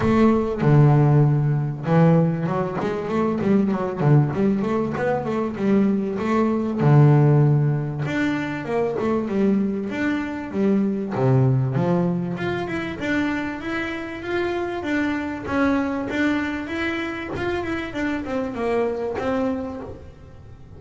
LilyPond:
\new Staff \with { instrumentName = "double bass" } { \time 4/4 \tempo 4 = 97 a4 d2 e4 | fis8 gis8 a8 g8 fis8 d8 g8 a8 | b8 a8 g4 a4 d4~ | d4 d'4 ais8 a8 g4 |
d'4 g4 c4 f4 | f'8 e'8 d'4 e'4 f'4 | d'4 cis'4 d'4 e'4 | f'8 e'8 d'8 c'8 ais4 c'4 | }